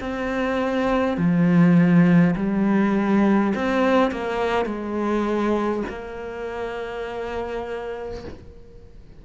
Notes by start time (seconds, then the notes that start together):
0.00 C4
1.18 F3
2.36 G3
3.56 C4
4.12 A#3
4.66 G#3
5.90 A#3